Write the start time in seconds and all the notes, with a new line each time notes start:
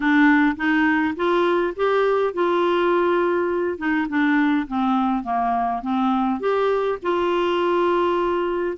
0.00 D4
0.56 D#4
1.15 F4
1.76 G4
2.33 F4
3.78 D#4
4.08 D4
4.67 C4
5.23 A#3
5.82 C4
6.39 G4
7.02 F4